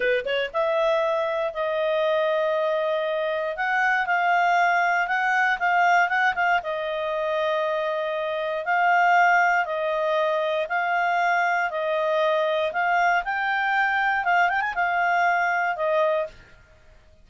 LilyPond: \new Staff \with { instrumentName = "clarinet" } { \time 4/4 \tempo 4 = 118 b'8 cis''8 e''2 dis''4~ | dis''2. fis''4 | f''2 fis''4 f''4 | fis''8 f''8 dis''2.~ |
dis''4 f''2 dis''4~ | dis''4 f''2 dis''4~ | dis''4 f''4 g''2 | f''8 g''16 gis''16 f''2 dis''4 | }